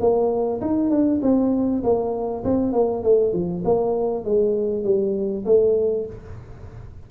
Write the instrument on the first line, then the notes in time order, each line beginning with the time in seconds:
tuba
0.00 A#3
0.61 D#4
0.90 D4
1.22 C4
1.83 A#3
2.44 C4
2.72 A#3
3.03 A3
3.33 F3
3.64 A#3
4.25 G#3
4.84 G3
5.45 A3